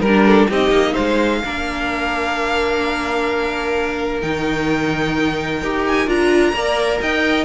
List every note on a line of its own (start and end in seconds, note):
0.00 0.47 G3
0.00 0.47 A#4
0.00 0.25 A#4
0.07 0.50 D4
0.26 0.49 A4
0.49 0.70 C4
0.49 1.43 D#4
0.49 0.92 G4
0.49 0.95 D#5
0.70 0.93 A#3
0.92 1.44 G#3
0.92 1.39 C5
0.92 4.20 F5
1.44 4.23 A#3
1.44 4.22 D4
1.44 6.53 A#4
4.21 5.61 D#3
4.21 5.61 D#4
4.21 5.84 G5
5.61 6.07 D#4
5.61 6.07 G4
5.86 6.09 G#5
6.07 6.53 D4
6.07 6.53 F4
6.07 7.02 A#5
6.53 6.99 A#3
6.53 7.45 A#4
6.53 7.00 D5
7.01 7.45 D#4
7.01 7.45 D#5
7.01 7.45 G5